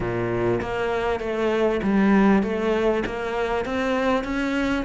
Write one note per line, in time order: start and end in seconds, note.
0.00 0.60 A#2
0.61 1.20 A#3
1.20 1.80 A3
1.82 2.42 G3
2.42 3.03 A3
3.06 3.65 A#3
3.65 4.23 C4
4.23 4.84 C#4